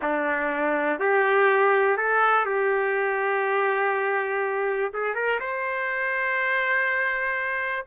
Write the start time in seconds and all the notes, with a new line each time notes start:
0.02 D4
0.99 G4
1.97 A4
2.45 G4
4.93 G#4
5.15 A#4
5.40 C5